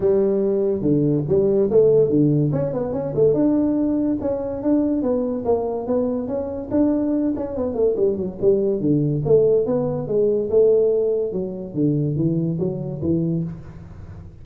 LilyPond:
\new Staff \with { instrumentName = "tuba" } { \time 4/4 \tempo 4 = 143 g2 d4 g4 | a4 d4 cis'8 b8 cis'8 a8 | d'2 cis'4 d'4 | b4 ais4 b4 cis'4 |
d'4. cis'8 b8 a8 g8 fis8 | g4 d4 a4 b4 | gis4 a2 fis4 | d4 e4 fis4 e4 | }